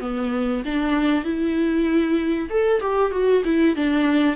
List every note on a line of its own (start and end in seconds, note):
0.00 0.62 B3
0.64 1.24 D4
1.24 2.49 E4
2.49 2.80 A4
2.80 3.11 G4
3.11 3.42 F#4
3.44 3.75 E4
3.75 4.36 D4